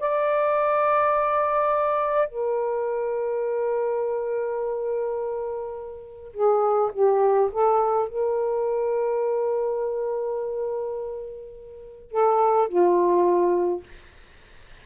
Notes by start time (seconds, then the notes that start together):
0.00 D5
2.29 A#4
6.34 G#4
6.93 G4
7.52 A4
8.09 A#4
12.12 A4
12.69 F4